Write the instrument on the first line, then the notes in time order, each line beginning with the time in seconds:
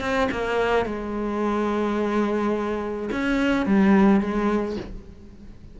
cello
0.00 C4
0.31 A#3
0.85 G#3
3.11 C#4
3.66 G3
4.20 G#3